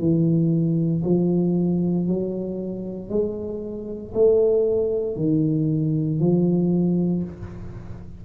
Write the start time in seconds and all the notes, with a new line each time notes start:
0.00 E3
1.05 F3
2.08 F#3
3.10 G#3
4.14 A3
5.17 D#3
6.20 F3